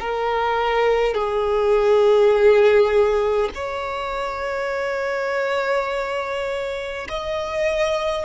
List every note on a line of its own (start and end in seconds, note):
0.00 1.14 A#4
1.14 3.50 G#4
3.55 7.08 C#5
7.09 8.26 D#5